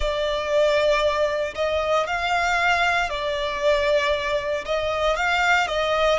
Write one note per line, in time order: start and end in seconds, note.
0.00 1.54 D5
1.55 2.06 D#5
2.06 3.09 F5
3.09 4.65 D5
4.65 5.16 D#5
5.16 5.67 F5
5.67 6.18 D#5